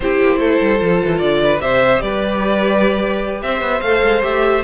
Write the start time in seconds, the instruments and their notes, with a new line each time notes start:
0.00 cello C4, viola E4, violin G4 C5
0.22 cello A#3
0.36 cello A3, violin A4
0.60 cello G3
0.78 cello F3, viola F4
1.04 cello E3
1.18 cello D3, violin D5
1.43 violin B4
1.60 cello C3, viola G4, violin C5 E5
2.00 cello G3, violin B4 D5
3.41 cello C4, violin C5 E5
3.61 cello B3
3.81 cello A3, viola A4, violin F5
4.02 cello G#3
4.22 cello A3, viola G4, violin E5